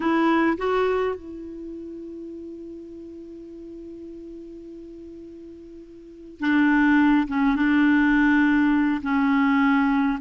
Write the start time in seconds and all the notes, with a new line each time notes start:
0.00 E4
0.57 F#4
1.15 E4
6.39 D4
7.27 C#4
7.55 D4
9.02 C#4